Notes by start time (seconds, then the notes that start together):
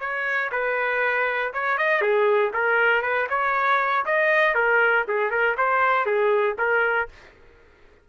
0.00 C#5
0.52 B4
1.54 C#5
1.78 D#5
2.01 G#4
2.53 A#4
3.02 B4
3.30 C#5
4.06 D#5
4.55 A#4
5.08 G#4
5.31 A#4
5.58 C5
6.06 G#4
6.58 A#4